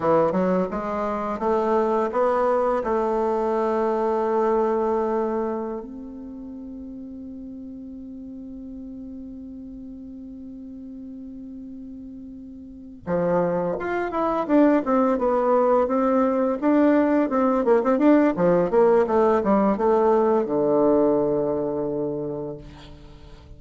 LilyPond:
\new Staff \with { instrumentName = "bassoon" } { \time 4/4 \tempo 4 = 85 e8 fis8 gis4 a4 b4 | a1~ | a16 c'2.~ c'8.~ | c'1~ |
c'2~ c'8 f4 f'8 | e'8 d'8 c'8 b4 c'4 d'8~ | d'8 c'8 ais16 c'16 d'8 f8 ais8 a8 g8 | a4 d2. | }